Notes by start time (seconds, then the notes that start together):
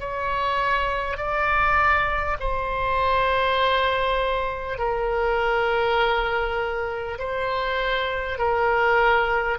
0.00 C#5
1.17 D5
2.40 C5
4.78 A#4
7.18 C5
8.38 A#4